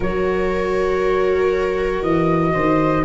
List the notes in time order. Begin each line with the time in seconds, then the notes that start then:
0.00 F#3 F#4 A#4 C#5
2.01 E3 D#5
2.53 D#3 C5